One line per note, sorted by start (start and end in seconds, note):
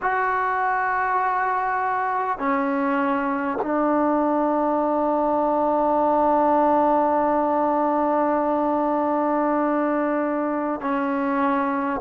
0.02 2.38 F#4
2.38 3.58 C#4
3.62 10.80 D4
10.80 12.00 C#4